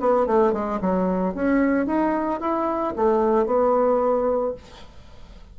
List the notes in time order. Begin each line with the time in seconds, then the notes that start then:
0.00 B3
0.26 A3
0.53 G#3
0.81 F#3
1.34 C#4
1.86 D#4
2.40 E4
2.96 A3
3.46 B3